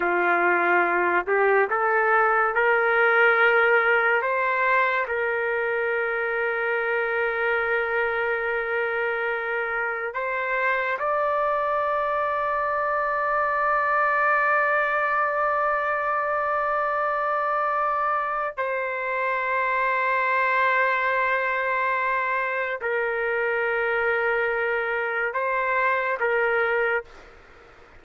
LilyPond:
\new Staff \with { instrumentName = "trumpet" } { \time 4/4 \tempo 4 = 71 f'4. g'8 a'4 ais'4~ | ais'4 c''4 ais'2~ | ais'1 | c''4 d''2.~ |
d''1~ | d''2 c''2~ | c''2. ais'4~ | ais'2 c''4 ais'4 | }